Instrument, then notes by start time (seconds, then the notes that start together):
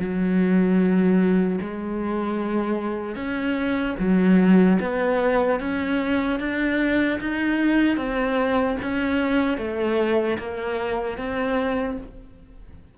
cello
0.00 F#3
1.61 G#3
3.16 C#4
4.00 F#3
4.81 B3
5.61 C#4
6.40 D4
7.21 D#4
7.97 C4
8.83 C#4
9.58 A3
10.39 A#3
11.18 C4